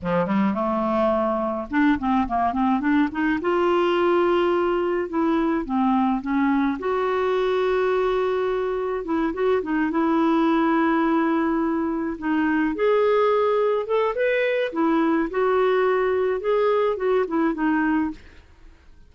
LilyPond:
\new Staff \with { instrumentName = "clarinet" } { \time 4/4 \tempo 4 = 106 f8 g8 a2 d'8 c'8 | ais8 c'8 d'8 dis'8 f'2~ | f'4 e'4 c'4 cis'4 | fis'1 |
e'8 fis'8 dis'8 e'2~ e'8~ | e'4. dis'4 gis'4.~ | gis'8 a'8 b'4 e'4 fis'4~ | fis'4 gis'4 fis'8 e'8 dis'4 | }